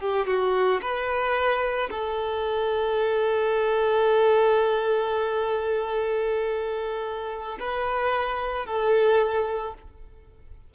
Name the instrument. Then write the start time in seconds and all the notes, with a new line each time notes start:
violin
0.00 G4
0.27 F#4
0.82 B4
1.90 A4
7.60 B4
8.66 A4